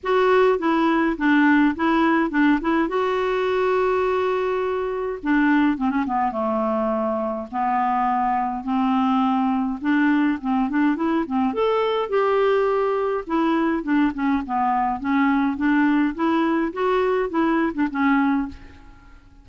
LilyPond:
\new Staff \with { instrumentName = "clarinet" } { \time 4/4 \tempo 4 = 104 fis'4 e'4 d'4 e'4 | d'8 e'8 fis'2.~ | fis'4 d'4 c'16 cis'16 b8 a4~ | a4 b2 c'4~ |
c'4 d'4 c'8 d'8 e'8 c'8 | a'4 g'2 e'4 | d'8 cis'8 b4 cis'4 d'4 | e'4 fis'4 e'8. d'16 cis'4 | }